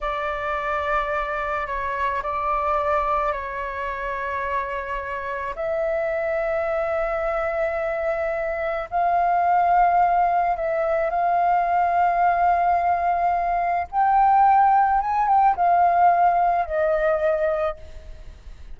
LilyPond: \new Staff \with { instrumentName = "flute" } { \time 4/4 \tempo 4 = 108 d''2. cis''4 | d''2 cis''2~ | cis''2 e''2~ | e''1 |
f''2. e''4 | f''1~ | f''4 g''2 gis''8 g''8 | f''2 dis''2 | }